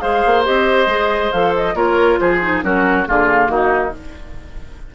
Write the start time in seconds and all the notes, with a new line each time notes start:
0.00 G#3 G#4 C5 F5
0.25 A#3
0.44 C4 G4 D#5
0.86 G#3 G#4
1.32 F3 A4 F5
1.55 D#5
1.74 A#3 F4 A#4 C#5
2.19 F3 G#4 C5
2.41 D#4
2.62 F#3 C#4 F#4 A#4
3.06 D3 A#3 F4 G#4
3.48 D#3 D#4 F#4